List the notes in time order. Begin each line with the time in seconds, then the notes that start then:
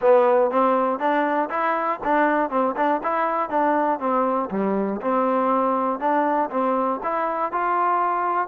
0.01 B3
0.50 C4
0.99 D4
1.50 E4
2.04 D4
2.50 C4
2.76 D4
3.03 E4
3.49 D4
3.99 C4
4.50 G3
5.01 C4
5.99 D4
6.50 C4
7.03 E4
7.52 F4